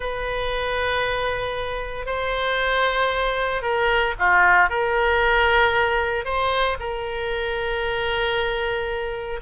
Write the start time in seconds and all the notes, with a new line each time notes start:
0.00 B4
2.06 C5
3.61 A#4
4.19 F4
4.69 A#4
6.25 C5
6.79 A#4